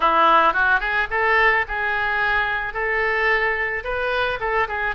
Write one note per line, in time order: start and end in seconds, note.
0.00 0.53 E4
0.53 0.80 F#4
0.80 1.07 G#4
1.10 1.65 A4
1.68 2.73 G#4
2.73 3.83 A4
3.84 4.39 B4
4.40 4.67 A4
4.67 4.95 G#4